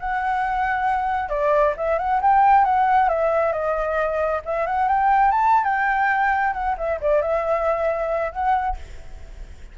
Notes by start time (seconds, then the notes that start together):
0.00 F#5
1.30 D5
1.77 E5
1.99 F#5
2.22 G5
2.65 F#5
3.09 E5
3.53 D#5
4.46 E5
4.67 F#5
4.89 G5
5.32 A5
5.64 G5
6.54 F#5
6.78 E5
7.01 D5
7.22 E5
8.33 F#5